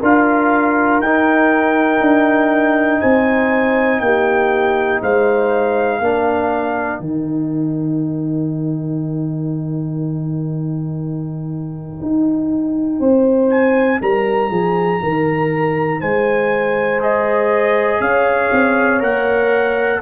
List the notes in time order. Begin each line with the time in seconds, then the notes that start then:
0.00 D4 F4 A#4 F5
1.00 D#4 G5
2.01 D4
3.01 C4 C5 G#5
4.00 A#3 G4 G5
5.02 G#3 C5 F5
6.00 A#3 D4 A#4
7.00 D#3 D#4 G5
12.02 D#4
13.00 C4 C5
13.51 G#5
14.02 G3 A#4 A#5
14.51 F3 G#4
15.03 D#3 A#4
16.01 G#3 C5 G#5
17.00 G#4 D#5
18.00 C#4 C#5 F5
18.52 C4
19.00 A#3 A#4 F#5